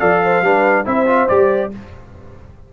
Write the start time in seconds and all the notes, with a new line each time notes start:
0.00 F3 A4 D5 F5
0.24 C5
0.42 G3 D4 B4
0.85 C4 E4 C5 E5
1.07 F4
1.28 G3 G4 D5